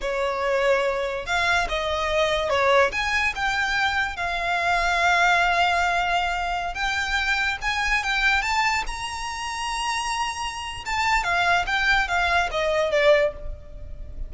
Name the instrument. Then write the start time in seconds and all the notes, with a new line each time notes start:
violin
0.01 C#5
1.26 F5
1.68 D#5
2.49 C#5
2.92 G#5
3.35 G5
4.16 F5
6.74 G5
7.61 G#5
8.03 G5
8.42 A5
8.86 A#5
10.85 A5
11.23 F5
11.66 G5
12.08 F5
12.51 D#5
12.91 D5